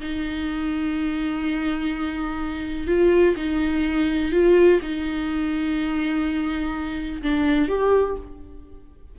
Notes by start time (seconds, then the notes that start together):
0.00 D#4
2.87 F4
3.36 D#4
4.32 F4
4.81 D#4
7.22 D4
7.68 G4